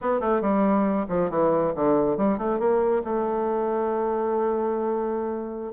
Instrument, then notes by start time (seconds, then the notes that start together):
bassoon
0.01 B3
0.20 A3
0.41 G3
1.08 F3
1.29 E3
1.75 D3
2.17 G3
2.38 A3
2.59 A#3
3.03 A3